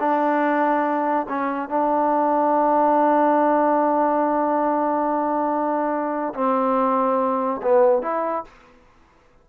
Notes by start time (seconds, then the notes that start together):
0.00 D4
1.29 C#4
1.69 D4
6.35 C4
7.62 B3
8.02 E4